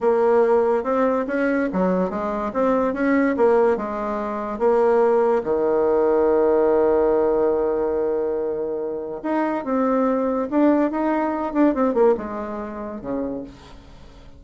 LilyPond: \new Staff \with { instrumentName = "bassoon" } { \time 4/4 \tempo 4 = 143 ais2 c'4 cis'4 | fis4 gis4 c'4 cis'4 | ais4 gis2 ais4~ | ais4 dis2.~ |
dis1~ | dis2 dis'4 c'4~ | c'4 d'4 dis'4. d'8 | c'8 ais8 gis2 cis4 | }